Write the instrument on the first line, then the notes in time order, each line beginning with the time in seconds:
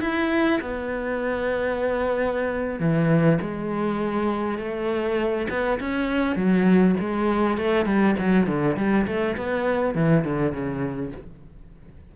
cello
0.00 E4
0.61 B3
2.79 E3
3.41 G#3
4.58 A3
5.49 B3
5.79 C#4
6.36 F#3
7.00 G#3
7.57 A3
7.85 G3
8.18 F#3
8.46 D3
8.77 G3
9.06 A3
9.36 B3
9.95 E3
10.24 D3
10.52 C#3